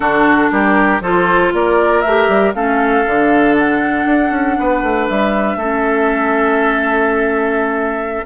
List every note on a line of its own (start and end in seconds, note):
0.00 0.48 D3
0.00 1.01 D4
0.00 0.51 F#4
0.00 0.50 A4
0.51 1.00 G3
0.51 1.02 G4
0.51 1.02 A#4
1.00 1.51 F3
1.00 2.04 F4
1.00 1.53 A4
1.00 1.53 C5
1.53 2.03 A#3
1.53 2.55 A#4
1.53 2.01 D5
2.01 2.28 A3
2.01 2.54 G4
2.01 2.52 E5
2.28 2.54 G3
2.54 3.05 A3
2.54 3.05 C#4
2.54 4.58 A4
2.54 3.56 F5
3.06 4.05 D3
3.06 5.60 D4
3.57 5.08 F#5
4.05 4.30 D4
4.30 4.55 C#4
4.59 4.82 B3
4.59 5.58 B4
4.82 5.08 A3
5.08 5.56 G3
5.08 8.25 E5
5.56 8.23 A3
5.56 8.25 C#4
5.56 8.25 A4